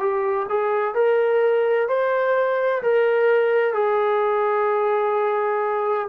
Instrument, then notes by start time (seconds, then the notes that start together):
trombone
0.00 G4
0.49 G#4
0.95 A#4
1.89 C5
2.83 A#4
3.74 G#4